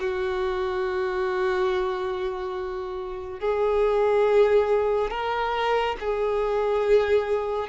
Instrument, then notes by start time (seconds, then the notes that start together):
violin
0.00 F#4
3.40 G#4
5.11 A#4
6.00 G#4